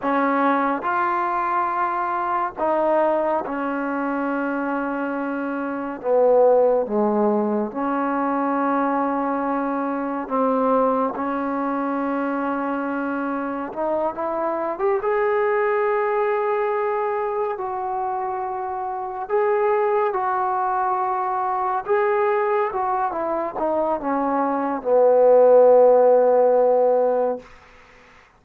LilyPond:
\new Staff \with { instrumentName = "trombone" } { \time 4/4 \tempo 4 = 70 cis'4 f'2 dis'4 | cis'2. b4 | gis4 cis'2. | c'4 cis'2. |
dis'8 e'8. g'16 gis'2~ gis'8~ | gis'8 fis'2 gis'4 fis'8~ | fis'4. gis'4 fis'8 e'8 dis'8 | cis'4 b2. | }